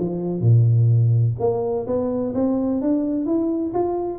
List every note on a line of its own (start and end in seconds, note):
0.00 0.41 F3
0.41 1.35 A#2
1.40 1.86 A#3
1.87 2.34 B3
2.35 2.82 C4
2.82 3.26 D4
3.26 3.73 E4
3.74 4.19 F4